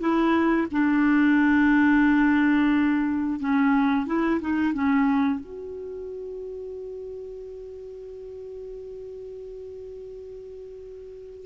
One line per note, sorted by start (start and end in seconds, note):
0.00 0.67 E4
0.71 3.40 D4
3.40 4.07 C#4
4.07 4.40 E4
4.41 4.73 D#4
4.73 5.40 C#4
5.40 11.46 F#4